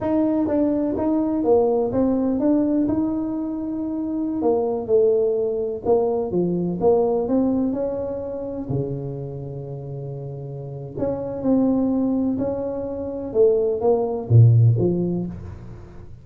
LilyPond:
\new Staff \with { instrumentName = "tuba" } { \time 4/4 \tempo 4 = 126 dis'4 d'4 dis'4 ais4 | c'4 d'4 dis'2~ | dis'4~ dis'16 ais4 a4.~ a16~ | a16 ais4 f4 ais4 c'8.~ |
c'16 cis'2 cis4.~ cis16~ | cis2. cis'4 | c'2 cis'2 | a4 ais4 ais,4 f4 | }